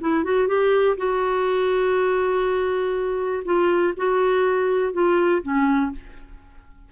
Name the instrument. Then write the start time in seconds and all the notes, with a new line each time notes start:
clarinet
0.00 E4
0.24 F#4
0.47 G4
0.97 F#4
3.44 F4
3.97 F#4
4.92 F4
5.42 C#4